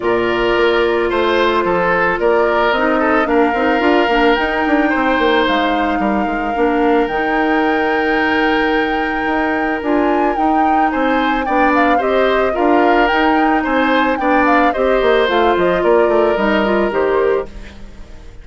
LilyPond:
<<
  \new Staff \with { instrumentName = "flute" } { \time 4/4 \tempo 4 = 110 d''2 c''2 | d''4 dis''4 f''2 | g''2 f''2~ | f''4 g''2.~ |
g''2 gis''4 g''4 | gis''4 g''8 f''8 dis''4 f''4 | g''4 gis''4 g''8 f''8 dis''4 | f''8 dis''8 d''4 dis''4 c''4 | }
  \new Staff \with { instrumentName = "oboe" } { \time 4/4 ais'2 c''4 a'4 | ais'4. a'8 ais'2~ | ais'4 c''2 ais'4~ | ais'1~ |
ais'1 | c''4 d''4 c''4 ais'4~ | ais'4 c''4 d''4 c''4~ | c''4 ais'2. | }
  \new Staff \with { instrumentName = "clarinet" } { \time 4/4 f'1~ | f'4 dis'4 d'8 dis'8 f'8 d'8 | dis'1 | d'4 dis'2.~ |
dis'2 f'4 dis'4~ | dis'4 d'4 g'4 f'4 | dis'2 d'4 g'4 | f'2 dis'8 f'8 g'4 | }
  \new Staff \with { instrumentName = "bassoon" } { \time 4/4 ais,4 ais4 a4 f4 | ais4 c'4 ais8 c'8 d'8 ais8 | dis'8 d'8 c'8 ais8 gis4 g8 gis8 | ais4 dis2.~ |
dis4 dis'4 d'4 dis'4 | c'4 b4 c'4 d'4 | dis'4 c'4 b4 c'8 ais8 | a8 f8 ais8 a8 g4 dis4 | }
>>